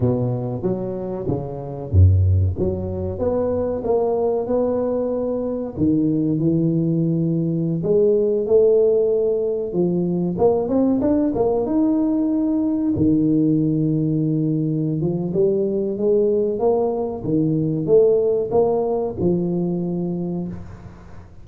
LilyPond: \new Staff \with { instrumentName = "tuba" } { \time 4/4 \tempo 4 = 94 b,4 fis4 cis4 fis,4 | fis4 b4 ais4 b4~ | b4 dis4 e2~ | e16 gis4 a2 f8.~ |
f16 ais8 c'8 d'8 ais8 dis'4.~ dis'16~ | dis'16 dis2.~ dis16 f8 | g4 gis4 ais4 dis4 | a4 ais4 f2 | }